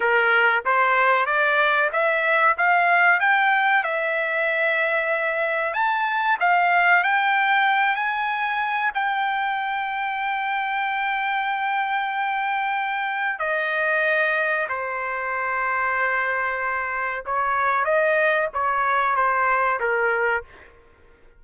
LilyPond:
\new Staff \with { instrumentName = "trumpet" } { \time 4/4 \tempo 4 = 94 ais'4 c''4 d''4 e''4 | f''4 g''4 e''2~ | e''4 a''4 f''4 g''4~ | g''8 gis''4. g''2~ |
g''1~ | g''4 dis''2 c''4~ | c''2. cis''4 | dis''4 cis''4 c''4 ais'4 | }